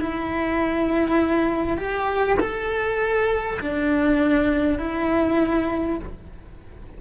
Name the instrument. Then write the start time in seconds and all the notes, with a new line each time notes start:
cello
0.00 E4
1.77 G4
2.40 A4
3.60 D4
4.78 E4